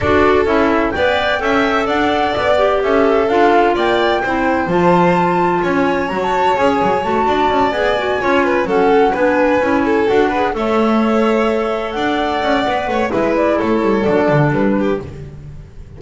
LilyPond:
<<
  \new Staff \with { instrumentName = "flute" } { \time 4/4 \tempo 4 = 128 d''4 e''4 g''2 | fis''4 d''4 e''4 f''4 | g''2 a''2 | gis''4 ais''16 a''8. gis''4 a''4~ |
a''8 gis''2 fis''4 gis''8~ | gis''4. fis''4 e''4.~ | e''4. fis''2~ fis''8 | e''8 d''8 cis''4 d''4 b'4 | }
  \new Staff \with { instrumentName = "violin" } { \time 4/4 a'2 d''4 e''4 | d''2 a'2 | d''4 c''2. | cis''2.~ cis''8 d''8~ |
d''4. cis''8 b'8 a'4 b'8~ | b'4 a'4 b'8 cis''4.~ | cis''4. d''2 cis''8 | b'4 a'2~ a'8 g'8 | }
  \new Staff \with { instrumentName = "clarinet" } { \time 4/4 fis'4 e'4 b'4 a'4~ | a'4. g'4. f'4~ | f'4 e'4 f'2~ | f'4 fis'4 gis'4 fis'4~ |
fis'8 gis'8 fis'8 f'4 cis'4 d'8~ | d'8 e'4 fis'8 gis'8 a'4.~ | a'2. b'4 | e'2 d'2 | }
  \new Staff \with { instrumentName = "double bass" } { \time 4/4 d'4 cis'4 b4 cis'4 | d'4 b4 cis'4 d'4 | ais4 c'4 f2 | cis'4 fis4 cis'8 fis8 a8 d'8 |
cis'8 b4 cis'4 fis4 b8~ | b8 cis'4 d'4 a4.~ | a4. d'4 cis'8 b8 a8 | gis4 a8 g8 fis8 d8 g4 | }
>>